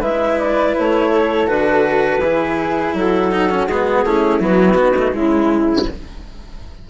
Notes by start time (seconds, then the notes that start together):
0.00 G#3 E4 B4 E5
0.39 D5
0.78 A3 C#5
1.11 A4
1.47 D3 F#4 B4
2.18 E3 E4 G#4
2.94 F#3 F#4 A4
3.32 D#4
3.50 C#4
3.67 G#3 B3 G#4
4.04 A3 C#4 E4
4.40 F#3 B3 F#4
4.75 B3
4.81 D#4
4.97 A3
5.12 C#3 G#3 E4